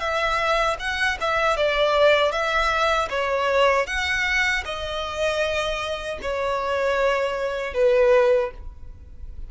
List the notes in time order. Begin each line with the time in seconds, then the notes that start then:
0.00 E5
0.80 F#5
1.21 E5
1.57 D5
2.32 E5
3.10 C#5
3.87 F#5
4.65 D#5
6.22 C#5
7.74 B4